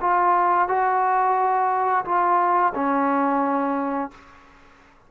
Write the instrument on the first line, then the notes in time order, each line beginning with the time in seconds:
trombone
0.00 F4
0.68 F#4
2.05 F4
2.74 C#4